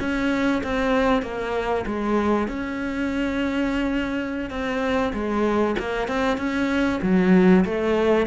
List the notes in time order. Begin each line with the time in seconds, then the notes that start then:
0.00 C#4
0.64 C4
1.23 A#3
1.86 G#3
2.48 C#4
4.51 C4
5.14 G#3
5.79 A#3
6.08 C4
6.38 C#4
7.03 F#3
7.65 A3